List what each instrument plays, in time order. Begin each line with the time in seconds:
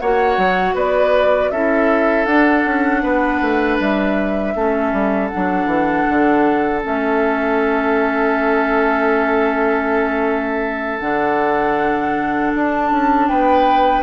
0.00 bassoon A#3, clarinet F#4, oboe C#5, flute F#5
0.38 bassoon F#3
0.74 bassoon B3, oboe B4, flute D5
1.51 bassoon C#4, clarinet E4, oboe A4, flute E5
2.26 bassoon D4, clarinet D4, flute F#5
2.66 bassoon C#4
3.03 bassoon B3, oboe B4
3.41 bassoon A3
3.80 bassoon G3, flute E5
4.55 bassoon A3, clarinet C#4, oboe A4
4.93 bassoon G3
5.28 clarinet D4, flute F#5
5.36 bassoon F#3
5.66 bassoon E3
6.09 bassoon D3
6.82 bassoon A3, clarinet C#4, flute E5
11.00 bassoon D3, clarinet D4, flute F#5
12.55 bassoon D4, flute A5
12.91 bassoon C#4
13.28 bassoon B3, oboe B4, flute G5